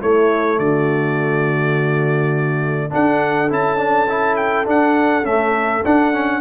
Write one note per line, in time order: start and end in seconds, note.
0.00 2.90 A3
0.00 0.58 A3
0.00 0.58 E4
0.00 0.58 C#5
0.58 2.91 D3
0.58 2.91 F#4
0.58 2.92 D5
2.90 3.48 D4
2.90 3.51 D4
2.90 6.41 A4
2.90 3.52 F#5
3.49 4.67 C#4
3.49 3.77 E4
3.49 4.36 A5
3.77 4.07 D4
4.09 4.65 E4
4.36 4.65 G5
4.65 5.24 D4
4.65 5.22 D4
4.65 5.25 F#5
5.22 5.84 A3
5.22 5.81 C#4
5.22 5.84 E5
5.85 6.13 D4
5.85 6.41 D4
5.85 6.41 F#5
6.13 6.41 C#4